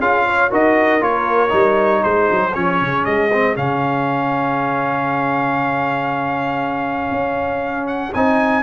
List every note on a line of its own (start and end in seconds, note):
0.00 0.51 C#4
0.00 0.50 F4
0.00 0.25 G#4
0.00 0.52 F5
0.27 0.51 C#5
0.50 1.01 D#4
0.50 1.01 F#4
0.50 2.03 A#4
0.50 1.03 D#5
1.01 1.52 A#3
1.01 1.49 F4
1.01 2.04 C#5
1.49 2.03 G3
1.49 2.51 D#4
2.03 2.30 G#3
2.03 8.63 G#4
2.03 2.54 C5
2.31 2.56 F#3
2.55 2.81 F3
2.55 3.31 C#4
2.55 3.05 C#5
2.81 3.06 C#3
3.05 3.57 G#3
3.05 3.56 D#5
3.33 3.56 C4
3.56 7.12 C#3
3.56 8.14 C#4
3.56 7.88 F5
7.12 8.13 C#4
7.88 8.13 F#5
8.14 8.63 C4
8.14 8.63 D#4
8.14 8.63 G#5